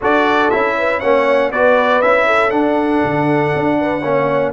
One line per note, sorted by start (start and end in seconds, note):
0.01 0.52 D4
0.01 0.51 F#4
0.01 0.77 A4
0.01 0.50 D5
0.50 1.02 C#4
0.50 1.02 E4
0.50 1.00 E5
0.77 0.99 B4
0.99 1.51 A#3
0.99 1.53 C#4
0.99 1.50 C#5
0.99 1.50 F#5
1.51 2.01 B3
1.51 2.03 F#4
1.51 2.26 B4
1.51 2.01 D5
2.01 2.52 C#4
2.01 2.51 E4
2.01 2.50 E5
2.26 3.77 A4
2.50 4.02 D4
2.50 3.02 D4
2.50 4.52 F#5
3.04 3.54 D3
3.54 4.03 D4
3.80 4.00 B4
4.00 4.52 A#3
4.00 4.52 C#4
4.00 4.51 C#5